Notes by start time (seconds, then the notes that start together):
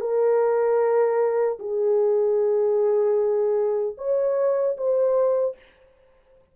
0.00 A#4
1.59 G#4
3.97 C#5
4.77 C5